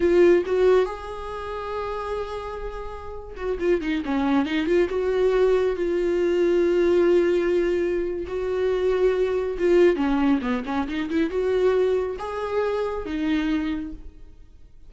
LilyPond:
\new Staff \with { instrumentName = "viola" } { \time 4/4 \tempo 4 = 138 f'4 fis'4 gis'2~ | gis'2.~ gis'8. fis'16~ | fis'16 f'8 dis'8 cis'4 dis'8 f'8 fis'8.~ | fis'4~ fis'16 f'2~ f'8.~ |
f'2. fis'4~ | fis'2 f'4 cis'4 | b8 cis'8 dis'8 e'8 fis'2 | gis'2 dis'2 | }